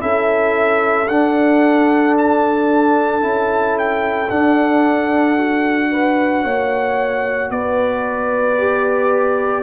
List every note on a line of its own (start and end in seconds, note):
0.00 1.09 C#4
0.00 1.07 E4
0.00 5.92 A4
0.00 1.08 E5
1.08 3.23 D4
1.08 3.21 D4
1.08 2.15 F#5
2.18 3.79 A5
3.21 4.30 C#4
3.21 4.28 E4
3.79 4.30 G5
4.30 6.44 D4
4.30 5.37 D4
4.30 7.51 F#5
5.37 8.58 F#4
5.92 6.44 B4
6.44 7.50 A#3
6.44 7.51 C#5
7.50 9.64 B3
7.50 9.64 B4
7.50 9.64 D5
8.58 9.64 G4